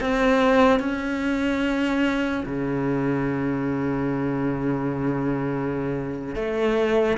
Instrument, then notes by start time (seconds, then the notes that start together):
cello
0.00 C4
0.79 C#4
2.45 C#3
6.35 A3